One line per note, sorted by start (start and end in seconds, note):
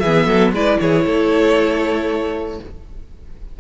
0.00 0.27 E3
0.00 0.27 G#4
0.00 0.51 E5
0.07 0.55 B3
0.27 0.53 F#3
0.27 0.53 A4
0.53 0.78 G#3
0.53 2.61 E4
0.53 0.81 B4
0.53 0.80 D5
0.80 1.06 E3
0.80 1.06 G#4
0.80 2.60 C#5
1.06 2.60 A3
1.06 2.59 A4